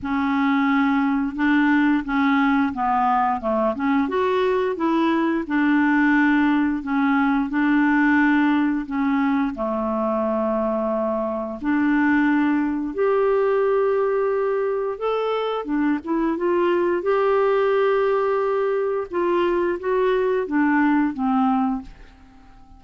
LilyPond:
\new Staff \with { instrumentName = "clarinet" } { \time 4/4 \tempo 4 = 88 cis'2 d'4 cis'4 | b4 a8 cis'8 fis'4 e'4 | d'2 cis'4 d'4~ | d'4 cis'4 a2~ |
a4 d'2 g'4~ | g'2 a'4 d'8 e'8 | f'4 g'2. | f'4 fis'4 d'4 c'4 | }